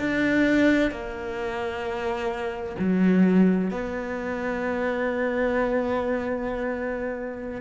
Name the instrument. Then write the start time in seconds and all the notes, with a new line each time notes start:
cello
0.00 D4
0.91 A#3
2.79 F#3
3.71 B3